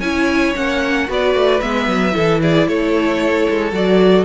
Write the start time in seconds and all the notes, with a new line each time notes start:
0.00 C#4 E4 C#5 G#5
0.55 A#3 C#4 F#5
1.07 B3 F#4 B4 D5
1.34 A3
1.61 G#3 B3 E5
1.87 F#3
2.11 E3 E4 A4
2.41 G#4 D5
2.67 A3 A4 C#5
3.49 G#3
3.72 F#3 F#4 D5